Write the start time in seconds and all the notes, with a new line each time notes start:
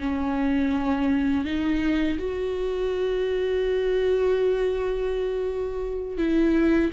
0.00 C#4
1.45 D#4
2.19 F#4
6.18 E4